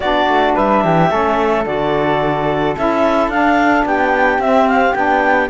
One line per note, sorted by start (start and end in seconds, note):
0.00 0.26 B3
0.00 1.08 D4
0.00 0.55 F#4
0.00 0.54 D5
0.27 0.54 A3
0.55 0.84 G3
0.55 0.82 B4
0.55 1.66 E5
0.83 1.10 E3
0.83 1.11 G4
1.08 1.65 A3
1.08 1.63 C#4
1.08 3.86 A4
1.65 2.76 D3
1.65 2.75 F#4
1.65 2.76 D5
2.77 3.28 C#4
2.77 3.31 E4
2.77 3.30 E5
3.28 3.83 D4
3.28 4.41 D4
3.28 3.85 F5
3.85 4.38 B3
3.85 5.49 G4
3.85 4.40 G5
4.38 4.93 C4
4.38 4.96 C4
4.38 4.67 E5
4.67 4.94 F5
4.94 5.49 B3
4.94 5.49 D4
4.94 5.49 G5